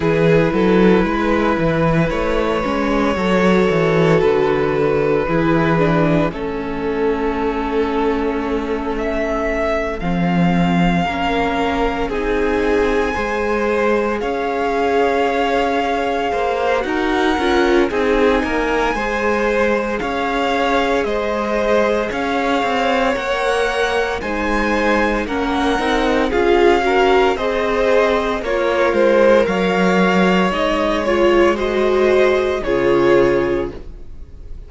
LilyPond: <<
  \new Staff \with { instrumentName = "violin" } { \time 4/4 \tempo 4 = 57 b'2 cis''2 | b'2 a'2~ | a'8 e''4 f''2 gis''8~ | gis''4. f''2~ f''8 |
fis''4 gis''2 f''4 | dis''4 f''4 fis''4 gis''4 | fis''4 f''4 dis''4 cis''8 c''8 | f''4 dis''8 cis''8 dis''4 cis''4 | }
  \new Staff \with { instrumentName = "violin" } { \time 4/4 gis'8 a'8 b'2 a'4~ | a'4 gis'4 a'2~ | a'2~ a'8 ais'4 gis'8~ | gis'8 c''4 cis''2 c''8 |
ais'4 gis'8 ais'8 c''4 cis''4 | c''4 cis''2 c''4 | ais'4 gis'8 ais'8 c''4 f'4 | cis''2 c''4 gis'4 | }
  \new Staff \with { instrumentName = "viola" } { \time 4/4 e'2~ e'8 cis'8 fis'4~ | fis'4 e'8 d'8 cis'2~ | cis'4. c'4 cis'4 dis'8~ | dis'8 gis'2.~ gis'8 |
fis'8 f'8 dis'4 gis'2~ | gis'2 ais'4 dis'4 | cis'8 dis'8 f'8 fis'8 gis'4 ais'4~ | ais'4 dis'8 f'8 fis'4 f'4 | }
  \new Staff \with { instrumentName = "cello" } { \time 4/4 e8 fis8 gis8 e8 a8 gis8 fis8 e8 | d4 e4 a2~ | a4. f4 ais4 c'8~ | c'8 gis4 cis'2 ais8 |
dis'8 cis'8 c'8 ais8 gis4 cis'4 | gis4 cis'8 c'8 ais4 gis4 | ais8 c'8 cis'4 c'4 ais8 gis8 | fis4 gis2 cis4 | }
>>